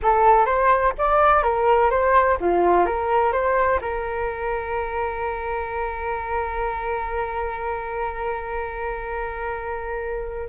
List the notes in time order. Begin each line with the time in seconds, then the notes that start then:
0.02 A4
0.45 C5
0.98 D5
1.43 A#4
1.90 C5
2.40 F4
2.85 A#4
3.32 C5
3.81 A#4